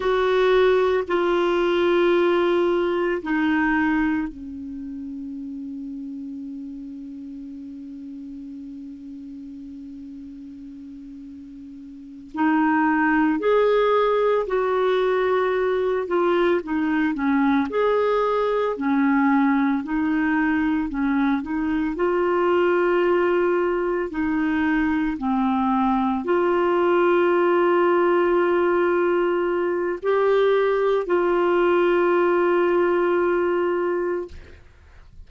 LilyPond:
\new Staff \with { instrumentName = "clarinet" } { \time 4/4 \tempo 4 = 56 fis'4 f'2 dis'4 | cis'1~ | cis'2.~ cis'8 dis'8~ | dis'8 gis'4 fis'4. f'8 dis'8 |
cis'8 gis'4 cis'4 dis'4 cis'8 | dis'8 f'2 dis'4 c'8~ | c'8 f'2.~ f'8 | g'4 f'2. | }